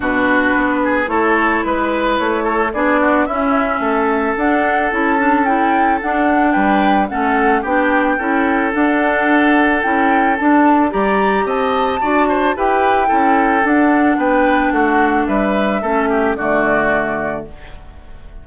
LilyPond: <<
  \new Staff \with { instrumentName = "flute" } { \time 4/4 \tempo 4 = 110 b'2 cis''4 b'4 | cis''4 d''4 e''2 | fis''4 a''4 g''4 fis''4 | g''4 fis''4 g''2 |
fis''2 g''4 a''4 | ais''4 a''2 g''4~ | g''4 fis''4 g''4 fis''4 | e''2 d''2 | }
  \new Staff \with { instrumentName = "oboe" } { \time 4/4 fis'4. gis'8 a'4 b'4~ | b'8 a'8 gis'8 fis'8 e'4 a'4~ | a'1 | b'4 a'4 g'4 a'4~ |
a'1 | d''4 dis''4 d''8 c''8 b'4 | a'2 b'4 fis'4 | b'4 a'8 g'8 fis'2 | }
  \new Staff \with { instrumentName = "clarinet" } { \time 4/4 d'2 e'2~ | e'4 d'4 cis'2 | d'4 e'8 d'8 e'4 d'4~ | d'4 cis'4 d'4 e'4 |
d'2 e'4 d'4 | g'2 fis'4 g'4 | e'4 d'2.~ | d'4 cis'4 a2 | }
  \new Staff \with { instrumentName = "bassoon" } { \time 4/4 b,4 b4 a4 gis4 | a4 b4 cis'4 a4 | d'4 cis'2 d'4 | g4 a4 b4 cis'4 |
d'2 cis'4 d'4 | g4 c'4 d'4 e'4 | cis'4 d'4 b4 a4 | g4 a4 d2 | }
>>